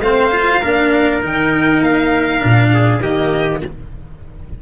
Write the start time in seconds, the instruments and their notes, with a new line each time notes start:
0.00 tuba A3, cello C4, trumpet C5, violin F5
0.32 cello F4
0.60 tuba A#3, cello D4, trumpet A#4
1.22 tuba D#3, cello D#4, violin G5
1.80 tuba A#3, violin F5
2.40 tuba A#2, cello D4
2.73 trumpet G#4
3.00 tuba D#3, cello A#3, trumpet G4, violin D#5